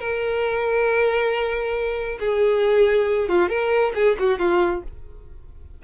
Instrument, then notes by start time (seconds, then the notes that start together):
violin
0.00 A#4
2.20 G#4
3.29 F4
3.49 A#4
3.96 G#4
4.20 F#4
4.39 F4